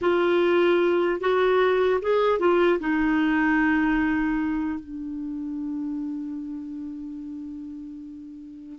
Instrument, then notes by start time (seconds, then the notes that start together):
clarinet
0.01 F4
1.20 F#4
2.01 G#4
2.39 F4
2.79 D#4
4.79 D4